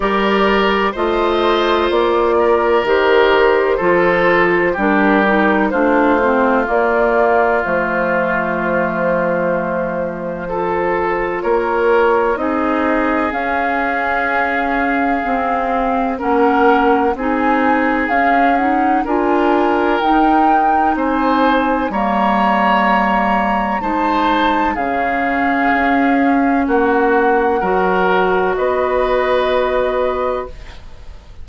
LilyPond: <<
  \new Staff \with { instrumentName = "flute" } { \time 4/4 \tempo 4 = 63 d''4 dis''4 d''4 c''4~ | c''4 ais'4 c''4 d''4 | c''1 | cis''4 dis''4 f''2~ |
f''4 fis''4 gis''4 f''8 fis''8 | gis''4 g''4 gis''4 ais''4~ | ais''4 a''4 f''2 | fis''2 dis''2 | }
  \new Staff \with { instrumentName = "oboe" } { \time 4/4 ais'4 c''4. ais'4. | a'4 g'4 f'2~ | f'2. a'4 | ais'4 gis'2.~ |
gis'4 ais'4 gis'2 | ais'2 c''4 cis''4~ | cis''4 c''4 gis'2 | fis'4 ais'4 b'2 | }
  \new Staff \with { instrumentName = "clarinet" } { \time 4/4 g'4 f'2 g'4 | f'4 d'8 dis'8 d'8 c'8 ais4 | a2. f'4~ | f'4 dis'4 cis'2 |
c'4 cis'4 dis'4 cis'8 dis'8 | f'4 dis'2 ais4~ | ais4 dis'4 cis'2~ | cis'4 fis'2. | }
  \new Staff \with { instrumentName = "bassoon" } { \time 4/4 g4 a4 ais4 dis4 | f4 g4 a4 ais4 | f1 | ais4 c'4 cis'2 |
c'4 ais4 c'4 cis'4 | d'4 dis'4 c'4 g4~ | g4 gis4 cis4 cis'4 | ais4 fis4 b2 | }
>>